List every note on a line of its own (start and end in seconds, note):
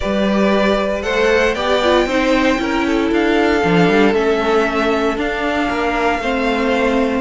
0.00 1.04 G3
0.00 1.02 G4
0.00 1.04 B4
0.00 1.02 D5
1.02 1.55 A3
1.02 1.54 A4
1.02 1.55 C5
1.02 1.54 F#5
1.54 2.06 B3
1.54 1.82 G4
1.54 2.06 D5
1.54 3.09 G5
1.83 2.07 F4
2.06 2.57 C4
2.06 2.57 D#4
2.06 2.60 C5
2.57 3.11 C#4
2.57 3.61 E4
2.57 2.86 A#4
2.86 5.68 A4
3.11 3.63 D4
3.11 4.14 F5
3.62 3.88 F3
3.62 4.13 D4
3.88 4.13 G3
4.13 5.17 A3
4.13 5.16 C#4
4.13 5.17 E5
5.16 6.20 D4
5.16 5.69 D4
5.16 7.20 F5
5.68 6.18 A#3
5.68 6.20 A#4
6.18 7.20 A3
6.18 7.20 C4
6.18 7.20 C5